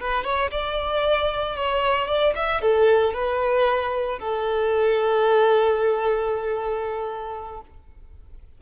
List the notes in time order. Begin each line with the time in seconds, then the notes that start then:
0.00 B4
0.24 C#5
0.51 D5
1.56 C#5
2.07 D5
2.35 E5
2.61 A4
3.14 B4
4.19 A4